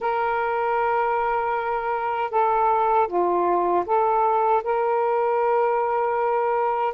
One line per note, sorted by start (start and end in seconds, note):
0.00 2.30 A#4
2.30 3.07 A4
3.07 3.84 F4
3.86 4.63 A4
4.63 6.94 A#4